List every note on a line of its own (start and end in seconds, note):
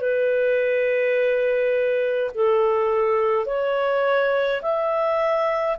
0.00 2.31 B4
2.34 3.46 A4
3.46 4.61 C#5
4.62 5.77 E5